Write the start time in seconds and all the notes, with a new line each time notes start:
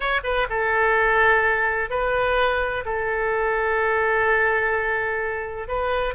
0.00 C#5
0.23 B4
0.49 A4
1.90 B4
2.85 A4
5.68 B4